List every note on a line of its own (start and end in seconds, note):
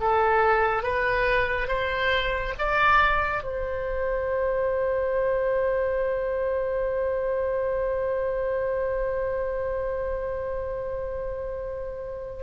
0.00 0.83 A4
0.83 1.68 B4
1.68 2.54 C5
2.59 3.43 D5
3.43 12.43 C5